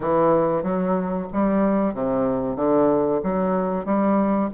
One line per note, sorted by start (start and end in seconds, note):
0.00 0.62 E3
0.62 1.27 F#3
1.32 1.94 G3
1.94 2.56 C3
2.56 3.20 D3
3.23 3.85 F#3
3.85 4.49 G3